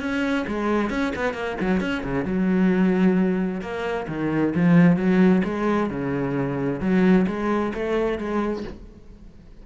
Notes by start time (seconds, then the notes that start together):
0.00 C#4
0.47 G#3
0.90 C#4
1.15 B3
1.33 A#3
1.60 F#3
1.80 C#4
2.03 C#3
2.25 F#3
3.61 A#3
4.08 D#3
4.55 F3
4.96 F#3
5.44 G#3
5.90 C#3
6.80 F#3
7.27 G#3
7.74 A3
8.18 G#3